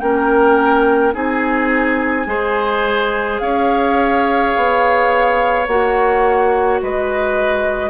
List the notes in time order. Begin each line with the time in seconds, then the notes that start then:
0.00 A#3 C#4 A#4 G5
1.13 C4 D#4 G#4 G#5
2.27 G#3 G#4 C5
3.40 C#4 C#5 F5
4.57 B3
5.67 A#3 F#4 F#5
6.83 G#3 B4 D#5